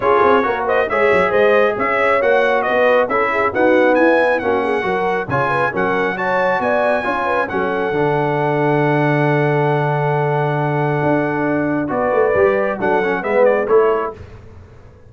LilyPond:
<<
  \new Staff \with { instrumentName = "trumpet" } { \time 4/4 \tempo 4 = 136 cis''4. dis''8 e''4 dis''4 | e''4 fis''4 dis''4 e''4 | fis''4 gis''4 fis''2 | gis''4 fis''4 a''4 gis''4~ |
gis''4 fis''2.~ | fis''1~ | fis''2. d''4~ | d''4 fis''4 e''8 d''8 cis''4 | }
  \new Staff \with { instrumentName = "horn" } { \time 4/4 gis'4 ais'8 c''8 cis''4 c''4 | cis''2 b'4 a'8 gis'8 | fis'4 e'4 fis'8 gis'8 ais'4 | cis''8 b'8 ais'4 cis''4 d''4 |
cis''8 b'8 a'2.~ | a'1~ | a'2. b'4~ | b'4 a'4 b'4 a'4 | }
  \new Staff \with { instrumentName = "trombone" } { \time 4/4 f'4 fis'4 gis'2~ | gis'4 fis'2 e'4 | b2 cis'4 fis'4 | f'4 cis'4 fis'2 |
f'4 cis'4 d'2~ | d'1~ | d'2. fis'4 | g'4 d'8 cis'8 b4 e'4 | }
  \new Staff \with { instrumentName = "tuba" } { \time 4/4 cis'8 c'8 ais4 gis8 fis8 gis4 | cis'4 ais4 b4 cis'4 | dis'4 e'4 ais4 fis4 | cis4 fis2 b4 |
cis'4 fis4 d2~ | d1~ | d4 d'2 b8 a8 | g4 fis4 gis4 a4 | }
>>